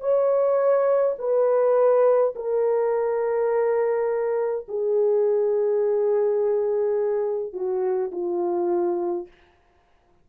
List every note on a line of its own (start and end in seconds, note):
0.00 1.15 C#5
1.18 2.33 B4
2.35 4.66 A#4
4.68 7.53 G#4
7.53 8.10 F#4
8.11 9.27 F4